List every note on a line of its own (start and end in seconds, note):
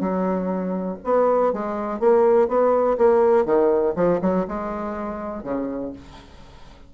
0.00 0.98 F#3
1.04 1.53 B3
1.53 2.00 G#3
2.00 2.48 A#3
2.48 2.97 B3
2.98 3.45 A#3
3.45 3.95 D#3
3.95 4.20 F3
4.21 4.46 F#3
4.48 5.43 G#3
5.43 5.93 C#3